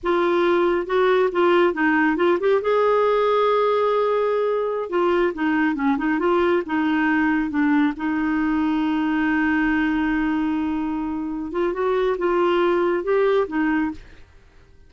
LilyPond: \new Staff \with { instrumentName = "clarinet" } { \time 4/4 \tempo 4 = 138 f'2 fis'4 f'4 | dis'4 f'8 g'8 gis'2~ | gis'2.~ gis'16 f'8.~ | f'16 dis'4 cis'8 dis'8 f'4 dis'8.~ |
dis'4~ dis'16 d'4 dis'4.~ dis'16~ | dis'1~ | dis'2~ dis'8 f'8 fis'4 | f'2 g'4 dis'4 | }